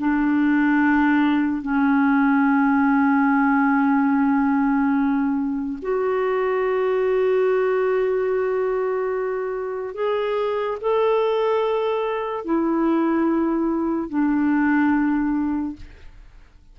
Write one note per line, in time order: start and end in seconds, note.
0.00 1.62 D4
1.62 5.79 C#4
5.82 9.95 F#4
9.95 10.78 G#4
10.81 12.45 A4
12.45 14.10 E4
14.10 15.77 D4